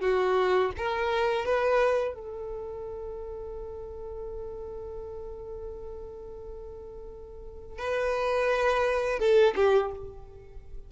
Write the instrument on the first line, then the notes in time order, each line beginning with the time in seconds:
violin
0.00 F#4
0.77 A#4
1.45 B4
2.14 A4
7.78 B4
9.19 A4
9.55 G4